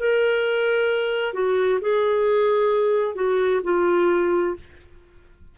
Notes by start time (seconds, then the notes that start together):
0.00 A#4
1.34 F#4
1.81 G#4
3.16 F#4
3.64 F4